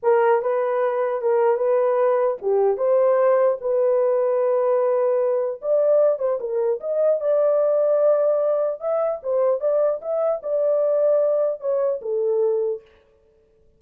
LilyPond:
\new Staff \with { instrumentName = "horn" } { \time 4/4 \tempo 4 = 150 ais'4 b'2 ais'4 | b'2 g'4 c''4~ | c''4 b'2.~ | b'2 d''4. c''8 |
ais'4 dis''4 d''2~ | d''2 e''4 c''4 | d''4 e''4 d''2~ | d''4 cis''4 a'2 | }